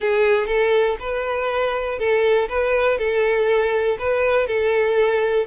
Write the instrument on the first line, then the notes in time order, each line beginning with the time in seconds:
violin
0.00 G#4
0.46 A4
0.99 B4
1.98 A4
2.48 B4
2.98 A4
3.98 B4
4.47 A4